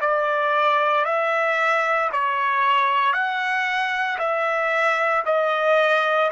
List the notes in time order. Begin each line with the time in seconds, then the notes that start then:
0.00 D5
1.05 E5
2.12 C#5
3.12 F#5
4.18 E5
5.25 D#5